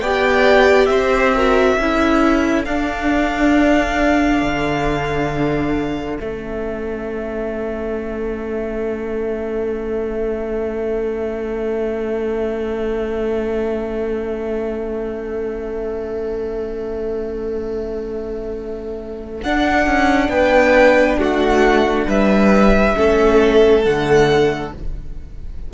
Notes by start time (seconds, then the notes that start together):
0.00 B3 G4 D5 G5
0.85 C4 C5 E5
1.34 F#4 A#4
1.77 C#4 E4 A4
2.65 D4 F5
4.42 D3
6.16 A3 C#4 E5
19.43 D4 F#5
19.86 C#4
20.28 B3 B4 G5
21.18 A3 F#4 F#5
22.07 G3 B4 E5
22.95 A3 C#4 A4
23.83 D3 A3 F#5